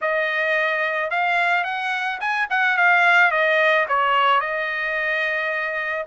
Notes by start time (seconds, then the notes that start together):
0.01 D#5
1.10 F5
1.64 F#5
2.20 G#5
2.50 F#5
2.77 F5
3.31 D#5
3.88 C#5
4.40 D#5